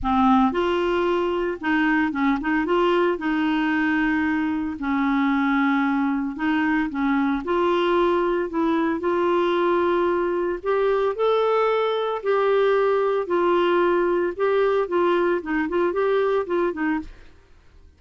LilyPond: \new Staff \with { instrumentName = "clarinet" } { \time 4/4 \tempo 4 = 113 c'4 f'2 dis'4 | cis'8 dis'8 f'4 dis'2~ | dis'4 cis'2. | dis'4 cis'4 f'2 |
e'4 f'2. | g'4 a'2 g'4~ | g'4 f'2 g'4 | f'4 dis'8 f'8 g'4 f'8 dis'8 | }